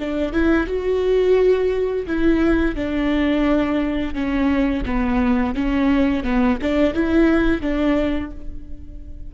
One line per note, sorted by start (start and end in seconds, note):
0.00 0.33 D4
0.33 0.67 E4
0.67 2.07 F#4
2.07 2.76 E4
2.76 4.14 D4
4.14 4.84 C#4
4.86 5.56 B3
5.56 6.23 C#4
6.23 6.58 B3
6.62 6.94 D4
6.94 7.62 E4
7.62 8.31 D4